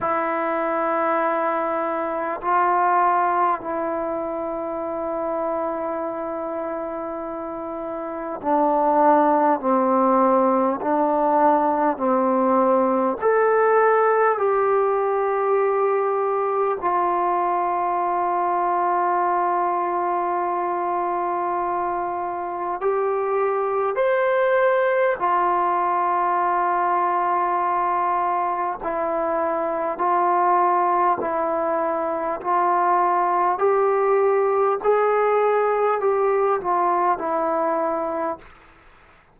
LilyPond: \new Staff \with { instrumentName = "trombone" } { \time 4/4 \tempo 4 = 50 e'2 f'4 e'4~ | e'2. d'4 | c'4 d'4 c'4 a'4 | g'2 f'2~ |
f'2. g'4 | c''4 f'2. | e'4 f'4 e'4 f'4 | g'4 gis'4 g'8 f'8 e'4 | }